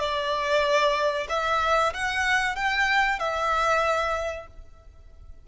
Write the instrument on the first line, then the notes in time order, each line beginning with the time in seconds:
violin
0.00 D5
1.30 E5
1.94 F#5
2.56 G5
3.20 E5